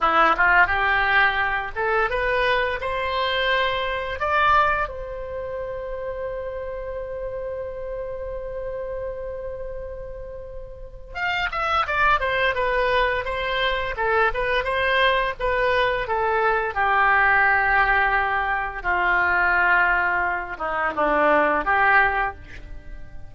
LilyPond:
\new Staff \with { instrumentName = "oboe" } { \time 4/4 \tempo 4 = 86 e'8 f'8 g'4. a'8 b'4 | c''2 d''4 c''4~ | c''1~ | c''1 |
f''8 e''8 d''8 c''8 b'4 c''4 | a'8 b'8 c''4 b'4 a'4 | g'2. f'4~ | f'4. dis'8 d'4 g'4 | }